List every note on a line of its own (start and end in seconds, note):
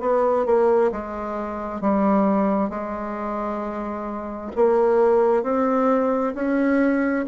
0.00 0.45 B3
0.45 0.90 A#3
0.91 1.81 G#3
1.81 2.69 G3
2.69 4.51 G#3
4.55 5.43 A#3
5.43 6.33 C4
6.34 7.25 C#4